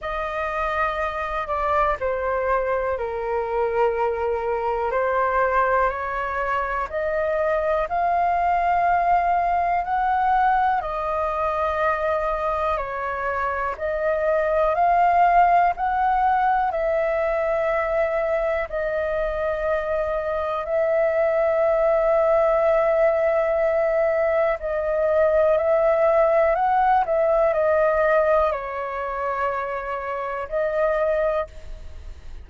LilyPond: \new Staff \with { instrumentName = "flute" } { \time 4/4 \tempo 4 = 61 dis''4. d''8 c''4 ais'4~ | ais'4 c''4 cis''4 dis''4 | f''2 fis''4 dis''4~ | dis''4 cis''4 dis''4 f''4 |
fis''4 e''2 dis''4~ | dis''4 e''2.~ | e''4 dis''4 e''4 fis''8 e''8 | dis''4 cis''2 dis''4 | }